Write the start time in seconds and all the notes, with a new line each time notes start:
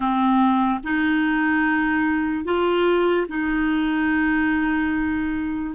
0.00 C4
0.83 D#4
2.44 F4
3.28 D#4